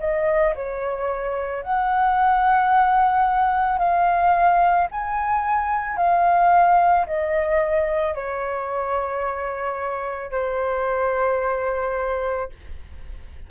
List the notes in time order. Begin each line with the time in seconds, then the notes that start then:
0.00 D#5
0.56 C#5
1.63 F#5
3.79 F5
4.91 G#5
5.97 F5
7.07 D#5
8.15 C#5
10.31 C5